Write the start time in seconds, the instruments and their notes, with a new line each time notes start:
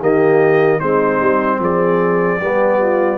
0.00 tuba D#3, trombone A#3, horn G4, trumpet D#5
0.78 tuba G#3, trombone C4, horn D#4, trumpet C5
1.20 tuba G3
1.59 tuba F3, horn G#4, trumpet D5
2.40 tuba G3, trombone B3, horn G4
2.80 horn F4